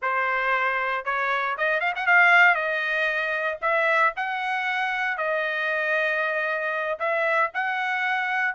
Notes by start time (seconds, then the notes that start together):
0.02 C5
1.04 C#5
1.57 D#5
1.80 F5
1.95 F#5
2.06 F5
2.54 D#5
3.61 E5
4.16 F#5
5.17 D#5
6.99 E5
7.54 F#5